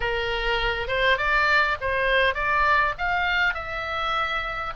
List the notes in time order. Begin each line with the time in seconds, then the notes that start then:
0.00 A#4
0.87 C5
1.17 D5
1.80 C5
2.34 D5
2.98 F5
3.53 E5